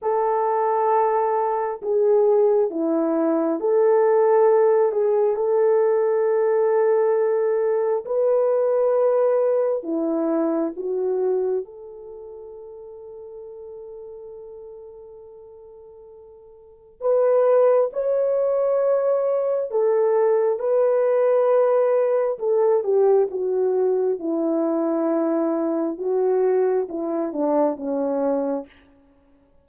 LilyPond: \new Staff \with { instrumentName = "horn" } { \time 4/4 \tempo 4 = 67 a'2 gis'4 e'4 | a'4. gis'8 a'2~ | a'4 b'2 e'4 | fis'4 a'2.~ |
a'2. b'4 | cis''2 a'4 b'4~ | b'4 a'8 g'8 fis'4 e'4~ | e'4 fis'4 e'8 d'8 cis'4 | }